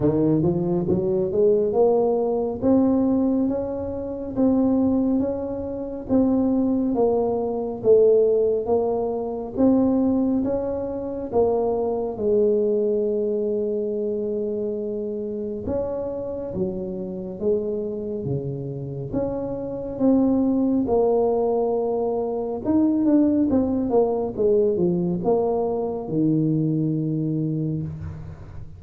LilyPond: \new Staff \with { instrumentName = "tuba" } { \time 4/4 \tempo 4 = 69 dis8 f8 fis8 gis8 ais4 c'4 | cis'4 c'4 cis'4 c'4 | ais4 a4 ais4 c'4 | cis'4 ais4 gis2~ |
gis2 cis'4 fis4 | gis4 cis4 cis'4 c'4 | ais2 dis'8 d'8 c'8 ais8 | gis8 f8 ais4 dis2 | }